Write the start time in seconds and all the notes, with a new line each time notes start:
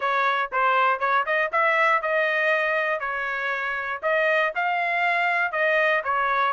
0.00 C#5
0.52 C5
0.99 C#5
1.25 D#5
1.52 E5
2.02 D#5
3.00 C#5
4.02 D#5
4.55 F5
5.52 D#5
6.04 C#5